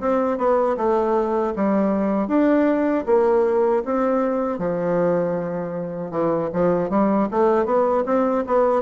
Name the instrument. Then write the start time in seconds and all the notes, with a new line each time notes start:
bassoon
0.00 C4
0.37 B3
0.77 A3
1.56 G3
2.27 D4
3.06 A#3
3.85 C4
4.58 F3
6.11 E3
6.53 F3
6.90 G3
7.31 A3
7.65 B3
8.06 C4
8.47 B3